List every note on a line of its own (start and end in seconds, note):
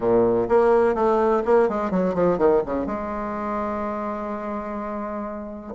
0.00 0.48 A#2
0.48 0.94 A#3
0.94 1.42 A3
1.45 1.68 A#3
1.68 1.90 G#3
1.90 2.14 F#3
2.14 2.38 F3
2.38 2.62 D#3
2.65 2.86 C#3
2.86 5.74 G#3